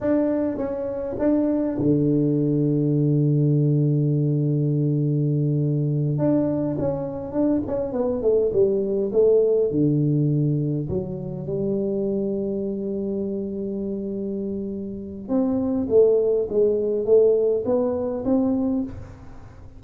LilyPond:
\new Staff \with { instrumentName = "tuba" } { \time 4/4 \tempo 4 = 102 d'4 cis'4 d'4 d4~ | d1~ | d2~ d8 d'4 cis'8~ | cis'8 d'8 cis'8 b8 a8 g4 a8~ |
a8 d2 fis4 g8~ | g1~ | g2 c'4 a4 | gis4 a4 b4 c'4 | }